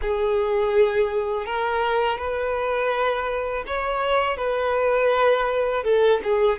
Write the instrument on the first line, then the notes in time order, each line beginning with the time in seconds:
violin
0.01 G#4
1.46 A#4
2.18 B4
3.66 C#5
4.37 B4
5.83 A4
6.23 G#4